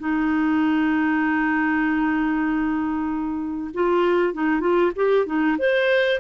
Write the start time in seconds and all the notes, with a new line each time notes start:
0.00 D#4
3.74 F4
4.34 D#4
4.61 F4
4.96 G4
5.27 D#4
5.59 C5